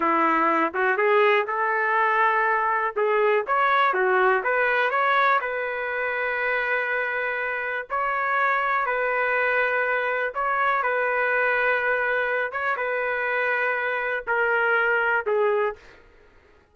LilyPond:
\new Staff \with { instrumentName = "trumpet" } { \time 4/4 \tempo 4 = 122 e'4. fis'8 gis'4 a'4~ | a'2 gis'4 cis''4 | fis'4 b'4 cis''4 b'4~ | b'1 |
cis''2 b'2~ | b'4 cis''4 b'2~ | b'4. cis''8 b'2~ | b'4 ais'2 gis'4 | }